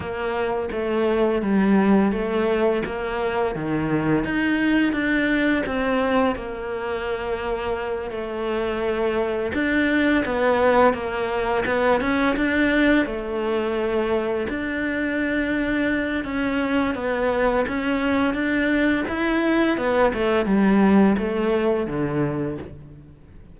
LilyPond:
\new Staff \with { instrumentName = "cello" } { \time 4/4 \tempo 4 = 85 ais4 a4 g4 a4 | ais4 dis4 dis'4 d'4 | c'4 ais2~ ais8 a8~ | a4. d'4 b4 ais8~ |
ais8 b8 cis'8 d'4 a4.~ | a8 d'2~ d'8 cis'4 | b4 cis'4 d'4 e'4 | b8 a8 g4 a4 d4 | }